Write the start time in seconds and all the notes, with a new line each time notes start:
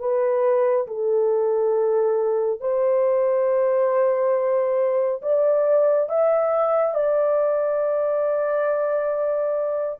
0.00 B4
0.87 A4
2.61 C5
5.22 D5
6.09 E5
6.94 D5